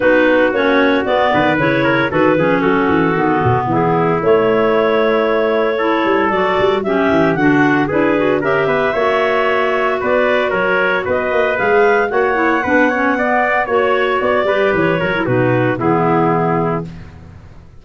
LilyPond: <<
  \new Staff \with { instrumentName = "clarinet" } { \time 4/4 \tempo 4 = 114 b'4 cis''4 d''4 cis''4 | b'4 a'2 gis'4 | cis''1 | d''4 e''4 fis''4 b'4 |
e''2. d''4 | cis''4 dis''4 f''4 fis''4~ | fis''2 cis''4 d''4 | cis''4 b'4 gis'2 | }
  \new Staff \with { instrumentName = "trumpet" } { \time 4/4 fis'2~ fis'8 b'4 ais'8 | a'8 gis'8 fis'2 e'4~ | e'2. a'4~ | a'4 g'4 fis'4 gis'4 |
ais'8 b'8 cis''2 b'4 | ais'4 b'2 cis''4 | b'8 cis''8 d''4 cis''4. b'8~ | b'8 ais'8 fis'4 e'2 | }
  \new Staff \with { instrumentName = "clarinet" } { \time 4/4 dis'4 cis'4 b4 e'4 | fis'8 cis'4. b2 | a2. e'4 | fis'4 cis'4 d'4 e'8 fis'8 |
g'4 fis'2.~ | fis'2 gis'4 fis'8 e'8 | d'8 cis'8 b4 fis'4. g'8~ | g'8 fis'16 e'16 dis'4 b2 | }
  \new Staff \with { instrumentName = "tuba" } { \time 4/4 b4 ais4 b8 dis8 cis4 | dis8 f8 fis8 e8 dis8 b,8 e4 | a2.~ a8 g8 | fis8 g8 fis8 e8 d4 d'4 |
cis'8 b8 ais2 b4 | fis4 b8 ais8 gis4 ais4 | b2 ais4 b8 g8 | e8 fis8 b,4 e2 | }
>>